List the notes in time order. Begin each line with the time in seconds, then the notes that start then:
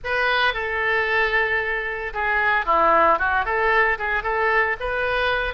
0.04 B4
0.53 A4
2.13 G#4
2.65 E4
3.18 F#4
3.45 A4
3.98 G#4
4.23 A4
4.80 B4